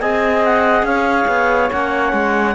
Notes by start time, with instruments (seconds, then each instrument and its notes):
0.00 cello C4, trombone G#4, flute D#5, clarinet G#5
0.44 clarinet F#5
0.82 cello C#4, flute C#5, clarinet F5
1.27 cello B3
1.71 cello A#3, trombone C#4, clarinet F#5
2.12 cello G#3